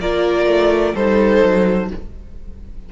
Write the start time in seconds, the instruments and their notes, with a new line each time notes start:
0.00 cello A#3, viola F4, violin A#4 D5
0.46 cello A3
0.94 cello G3, viola D#4, violin A4 C5
1.43 cello F#3